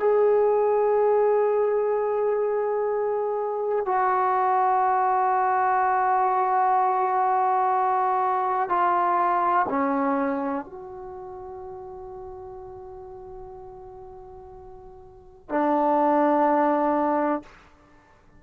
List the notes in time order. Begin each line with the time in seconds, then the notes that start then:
0.00 G#4
3.86 F#4
8.70 F4
9.70 C#4
10.65 F#4
15.49 D4